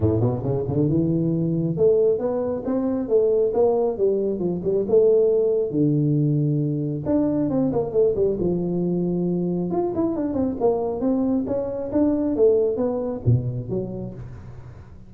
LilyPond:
\new Staff \with { instrumentName = "tuba" } { \time 4/4 \tempo 4 = 136 a,8 b,8 cis8 d8 e2 | a4 b4 c'4 a4 | ais4 g4 f8 g8 a4~ | a4 d2. |
d'4 c'8 ais8 a8 g8 f4~ | f2 f'8 e'8 d'8 c'8 | ais4 c'4 cis'4 d'4 | a4 b4 b,4 fis4 | }